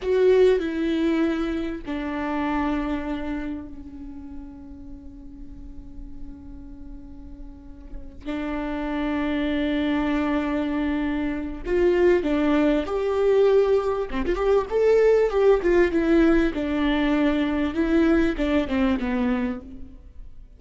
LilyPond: \new Staff \with { instrumentName = "viola" } { \time 4/4 \tempo 4 = 98 fis'4 e'2 d'4~ | d'2 cis'2~ | cis'1~ | cis'4. d'2~ d'8~ |
d'2. f'4 | d'4 g'2 c'16 f'16 g'8 | a'4 g'8 f'8 e'4 d'4~ | d'4 e'4 d'8 c'8 b4 | }